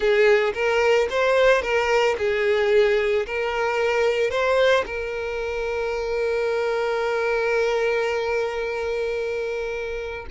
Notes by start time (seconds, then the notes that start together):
0.00 G#4
0.54 A#4
1.10 C5
1.62 A#4
2.17 G#4
3.26 A#4
4.30 C5
4.86 A#4